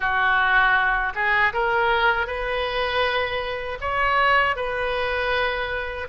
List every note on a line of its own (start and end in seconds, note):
0.00 1.13 F#4
1.14 1.52 G#4
1.53 2.26 A#4
2.26 3.78 B4
3.80 4.56 C#5
4.56 6.08 B4